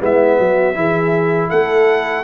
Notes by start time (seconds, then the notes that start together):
0.00 G#3 B3 E4 E5
0.39 F#3 F#4
0.75 E3 E4 G#4
1.50 A3 A4 F#5